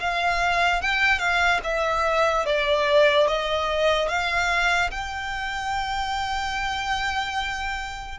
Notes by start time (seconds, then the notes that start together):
0.00 F5
0.82 G5
1.19 F5
1.64 E5
2.45 D5
3.27 D#5
4.08 F5
4.91 G5